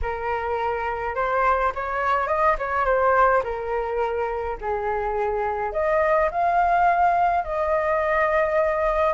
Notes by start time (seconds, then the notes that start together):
0.02 A#4
1.15 C5
1.75 C#5
2.27 D#5
2.58 C#5
2.85 C5
3.43 A#4
4.61 G#4
5.72 D#5
6.31 F5
7.44 D#5